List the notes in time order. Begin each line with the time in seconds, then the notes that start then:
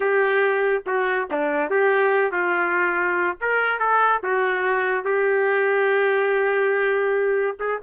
0.00 G4
0.86 F#4
1.31 D4
1.70 G4
2.31 F4
3.41 A#4
3.79 A4
4.23 F#4
5.04 G4
7.59 G#4